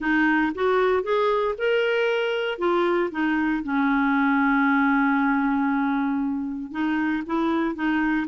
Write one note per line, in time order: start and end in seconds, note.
0.00 0.52 D#4
0.54 1.03 F#4
1.03 1.54 G#4
1.58 2.58 A#4
2.58 3.10 F4
3.11 3.63 D#4
3.63 6.71 C#4
6.71 7.23 D#4
7.26 7.75 E4
7.75 8.26 D#4